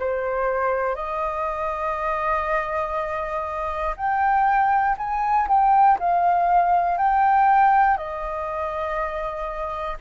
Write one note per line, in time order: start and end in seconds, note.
0.00 0.95 C5
0.95 3.95 D#5
3.96 4.96 G5
4.98 5.48 G#5
5.48 5.98 G5
5.99 6.98 F5
6.98 7.98 G5
7.98 9.98 D#5